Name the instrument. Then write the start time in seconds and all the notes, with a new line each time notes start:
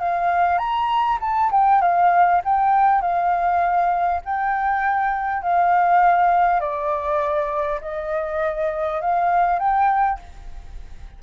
flute
0.00 F5
0.59 A#5
1.21 A5
1.52 G5
1.82 F5
2.45 G5
3.02 F5
4.25 G5
5.43 F5
6.61 D5
7.81 D#5
9.01 F5
9.60 G5